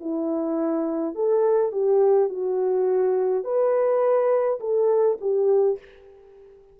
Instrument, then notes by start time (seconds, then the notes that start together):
horn
0.00 E4
1.14 A4
1.72 G4
2.29 F#4
3.44 B4
4.59 A4
5.20 G4